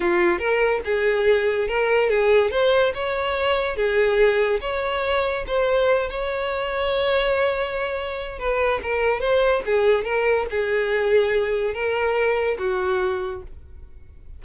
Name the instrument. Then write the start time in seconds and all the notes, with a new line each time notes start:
violin
0.00 F4
0.39 A#4
0.84 G#4
1.67 A#4
2.09 G#4
2.50 C5
2.94 C#5
3.76 G#4
4.60 C#5
5.47 C5
6.09 C#5
8.38 B4
8.82 A#4
9.20 C5
9.65 G#4
10.04 A#4
10.50 G#4
11.73 A#4
12.58 F#4